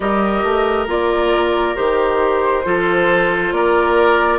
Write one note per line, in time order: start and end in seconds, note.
0.00 0.43 G3
0.00 0.87 G4
0.00 2.65 A#4
0.00 0.87 D#5
0.43 0.87 A3
0.87 1.75 A#3
0.87 1.75 F4
0.87 1.76 D5
1.75 2.65 D#3
1.75 2.63 G4
1.75 3.52 C5
2.64 3.51 F3
2.64 4.38 F4
2.64 3.53 A4
3.51 4.38 A#3
3.51 4.38 A#4
3.51 4.38 D5